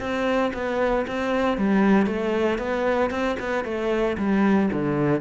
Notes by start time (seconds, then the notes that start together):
0.00 C4
0.54 B3
1.07 C4
1.57 G3
2.06 A3
2.58 B3
3.10 C4
3.40 B3
3.64 A3
4.18 G3
4.72 D3